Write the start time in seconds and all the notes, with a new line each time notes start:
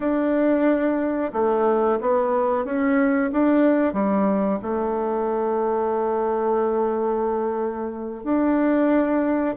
0.00 D4
1.32 A3
2.00 B3
2.65 C#4
3.32 D4
3.93 G3
4.62 A3
8.23 D4